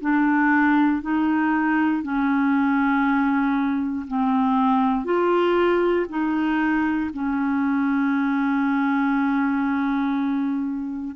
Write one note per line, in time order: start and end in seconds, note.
0.00 1.01 D4
1.01 2.02 D#4
2.02 4.06 C#4
4.07 5.04 C4
5.04 6.06 F4
6.09 7.10 D#4
7.13 11.15 C#4